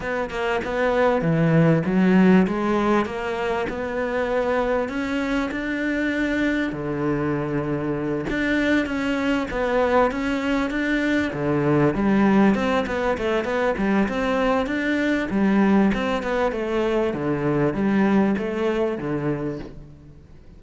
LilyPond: \new Staff \with { instrumentName = "cello" } { \time 4/4 \tempo 4 = 98 b8 ais8 b4 e4 fis4 | gis4 ais4 b2 | cis'4 d'2 d4~ | d4. d'4 cis'4 b8~ |
b8 cis'4 d'4 d4 g8~ | g8 c'8 b8 a8 b8 g8 c'4 | d'4 g4 c'8 b8 a4 | d4 g4 a4 d4 | }